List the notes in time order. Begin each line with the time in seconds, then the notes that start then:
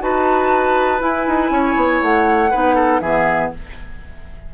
0.00 D#4 F#4 B4 A5
0.99 E4 G#5
1.27 D#4
1.50 C#4 C#5
1.76 B3
2.02 A3 F#5
2.51 B3 D#4 B4
2.75 A4
3.01 E3 B3 G#4 E5